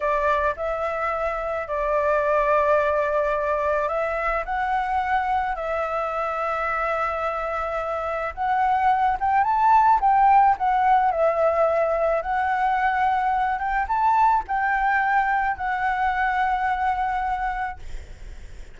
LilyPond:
\new Staff \with { instrumentName = "flute" } { \time 4/4 \tempo 4 = 108 d''4 e''2 d''4~ | d''2. e''4 | fis''2 e''2~ | e''2. fis''4~ |
fis''8 g''8 a''4 g''4 fis''4 | e''2 fis''2~ | fis''8 g''8 a''4 g''2 | fis''1 | }